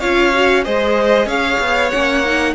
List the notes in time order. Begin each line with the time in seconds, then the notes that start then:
0.00 C#4 F4 C#5 F5
0.34 F#4
0.65 G#3 G#4 C5 D#5
1.26 C#4 C#5 F5
1.60 B3
1.90 A#3 C#4 F#5
2.25 D#4